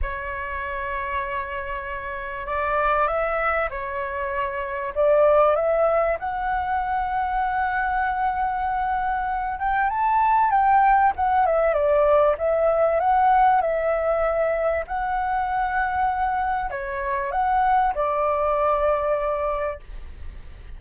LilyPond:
\new Staff \with { instrumentName = "flute" } { \time 4/4 \tempo 4 = 97 cis''1 | d''4 e''4 cis''2 | d''4 e''4 fis''2~ | fis''2.~ fis''8 g''8 |
a''4 g''4 fis''8 e''8 d''4 | e''4 fis''4 e''2 | fis''2. cis''4 | fis''4 d''2. | }